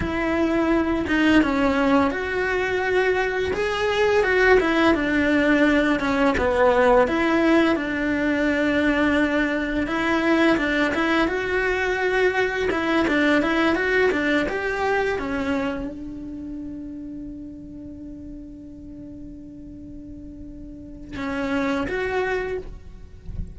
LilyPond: \new Staff \with { instrumentName = "cello" } { \time 4/4 \tempo 4 = 85 e'4. dis'8 cis'4 fis'4~ | fis'4 gis'4 fis'8 e'8 d'4~ | d'8 cis'8 b4 e'4 d'4~ | d'2 e'4 d'8 e'8 |
fis'2 e'8 d'8 e'8 fis'8 | d'8 g'4 cis'4 d'4.~ | d'1~ | d'2 cis'4 fis'4 | }